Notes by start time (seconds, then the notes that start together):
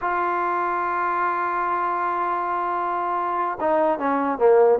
0.01 F4
3.60 D#4
3.99 C#4
4.38 A#3